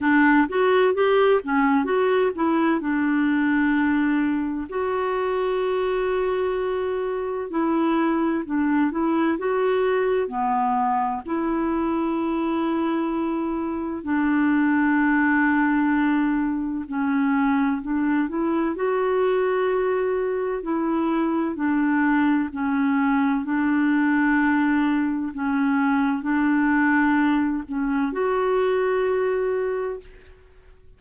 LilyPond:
\new Staff \with { instrumentName = "clarinet" } { \time 4/4 \tempo 4 = 64 d'8 fis'8 g'8 cis'8 fis'8 e'8 d'4~ | d'4 fis'2. | e'4 d'8 e'8 fis'4 b4 | e'2. d'4~ |
d'2 cis'4 d'8 e'8 | fis'2 e'4 d'4 | cis'4 d'2 cis'4 | d'4. cis'8 fis'2 | }